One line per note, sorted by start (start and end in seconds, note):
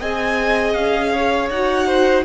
0.00 0.76 C4
0.00 1.51 G#4
0.00 1.12 D#5
0.00 0.74 G#5
0.74 1.50 C#4
0.74 1.49 F5
1.13 1.87 C#5
1.50 2.25 D#4
1.50 2.25 F#4
1.50 2.25 F#5
1.87 2.25 C5